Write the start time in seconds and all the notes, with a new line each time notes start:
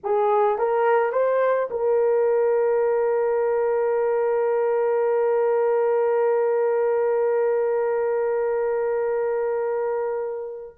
0.03 G#4
0.58 A#4
1.12 C5
1.70 A#4